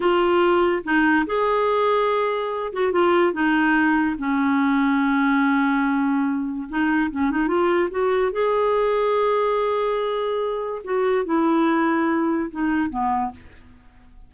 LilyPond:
\new Staff \with { instrumentName = "clarinet" } { \time 4/4 \tempo 4 = 144 f'2 dis'4 gis'4~ | gis'2~ gis'8 fis'8 f'4 | dis'2 cis'2~ | cis'1 |
dis'4 cis'8 dis'8 f'4 fis'4 | gis'1~ | gis'2 fis'4 e'4~ | e'2 dis'4 b4 | }